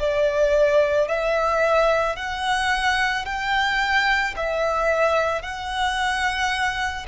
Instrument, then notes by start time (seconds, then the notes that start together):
violin
0.00 D5
1.08 E5
2.16 F#5
3.26 G5
4.37 E5
5.42 F#5